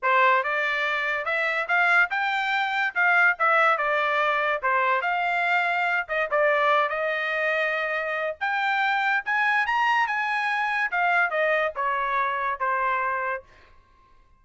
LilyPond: \new Staff \with { instrumentName = "trumpet" } { \time 4/4 \tempo 4 = 143 c''4 d''2 e''4 | f''4 g''2 f''4 | e''4 d''2 c''4 | f''2~ f''8 dis''8 d''4~ |
d''8 dis''2.~ dis''8 | g''2 gis''4 ais''4 | gis''2 f''4 dis''4 | cis''2 c''2 | }